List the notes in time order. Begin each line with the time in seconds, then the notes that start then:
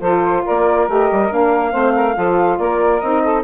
0.00 F3 F4 A4 C5
0.44 A#3 A#4 D5
0.87 A3 G4 D#5
1.11 G3
1.29 A#3 D4 F5
1.71 A3 C4 C5
1.95 A#4
2.13 F3 F4 A4
2.58 A#3 A#4 D5
3.00 C4 D#4 D#5
3.22 A4